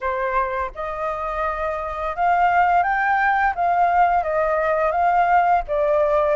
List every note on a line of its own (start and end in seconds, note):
0.00 0.71 C5
0.74 2.16 D#5
2.16 2.83 F5
2.83 3.53 G5
3.55 4.23 F5
4.23 4.91 D#5
4.91 5.62 F5
5.67 6.35 D5